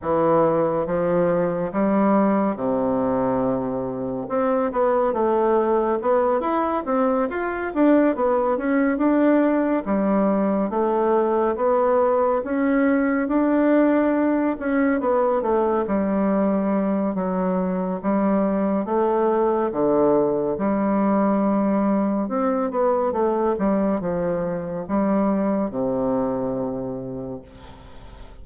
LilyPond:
\new Staff \with { instrumentName = "bassoon" } { \time 4/4 \tempo 4 = 70 e4 f4 g4 c4~ | c4 c'8 b8 a4 b8 e'8 | c'8 f'8 d'8 b8 cis'8 d'4 g8~ | g8 a4 b4 cis'4 d'8~ |
d'4 cis'8 b8 a8 g4. | fis4 g4 a4 d4 | g2 c'8 b8 a8 g8 | f4 g4 c2 | }